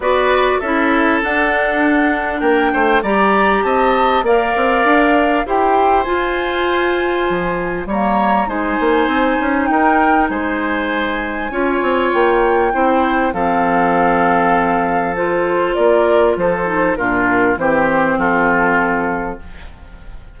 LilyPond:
<<
  \new Staff \with { instrumentName = "flute" } { \time 4/4 \tempo 4 = 99 d''4 e''4 fis''2 | g''4 ais''4 a''4 f''4~ | f''4 g''4 gis''2~ | gis''4 ais''4 gis''2 |
g''4 gis''2. | g''2 f''2~ | f''4 c''4 d''4 c''4 | ais'4 c''4 a'2 | }
  \new Staff \with { instrumentName = "oboe" } { \time 4/4 b'4 a'2. | ais'8 c''8 d''4 dis''4 d''4~ | d''4 c''2.~ | c''4 cis''4 c''2 |
ais'4 c''2 cis''4~ | cis''4 c''4 a'2~ | a'2 ais'4 a'4 | f'4 g'4 f'2 | }
  \new Staff \with { instrumentName = "clarinet" } { \time 4/4 fis'4 e'4 d'2~ | d'4 g'2 ais'4~ | ais'4 g'4 f'2~ | f'4 ais4 dis'2~ |
dis'2. f'4~ | f'4 e'4 c'2~ | c'4 f'2~ f'8 dis'8 | d'4 c'2. | }
  \new Staff \with { instrumentName = "bassoon" } { \time 4/4 b4 cis'4 d'2 | ais8 a8 g4 c'4 ais8 c'8 | d'4 e'4 f'2 | f4 g4 gis8 ais8 c'8 cis'8 |
dis'4 gis2 cis'8 c'8 | ais4 c'4 f2~ | f2 ais4 f4 | ais,4 e4 f2 | }
>>